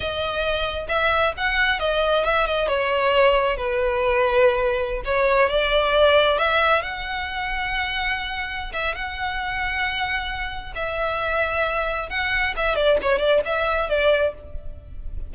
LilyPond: \new Staff \with { instrumentName = "violin" } { \time 4/4 \tempo 4 = 134 dis''2 e''4 fis''4 | dis''4 e''8 dis''8 cis''2 | b'2.~ b'16 cis''8.~ | cis''16 d''2 e''4 fis''8.~ |
fis''2.~ fis''8 e''8 | fis''1 | e''2. fis''4 | e''8 d''8 cis''8 d''8 e''4 d''4 | }